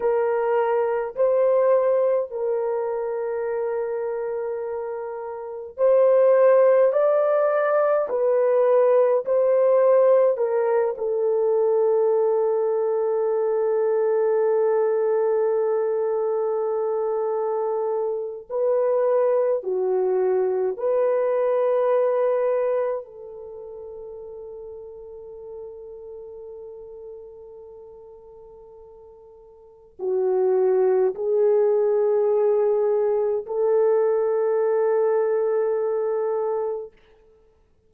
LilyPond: \new Staff \with { instrumentName = "horn" } { \time 4/4 \tempo 4 = 52 ais'4 c''4 ais'2~ | ais'4 c''4 d''4 b'4 | c''4 ais'8 a'2~ a'8~ | a'1 |
b'4 fis'4 b'2 | a'1~ | a'2 fis'4 gis'4~ | gis'4 a'2. | }